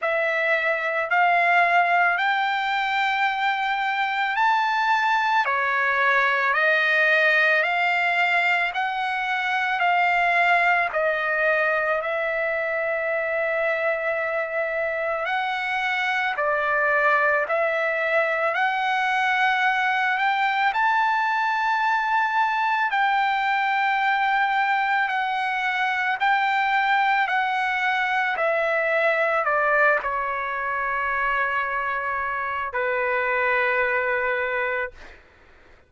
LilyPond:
\new Staff \with { instrumentName = "trumpet" } { \time 4/4 \tempo 4 = 55 e''4 f''4 g''2 | a''4 cis''4 dis''4 f''4 | fis''4 f''4 dis''4 e''4~ | e''2 fis''4 d''4 |
e''4 fis''4. g''8 a''4~ | a''4 g''2 fis''4 | g''4 fis''4 e''4 d''8 cis''8~ | cis''2 b'2 | }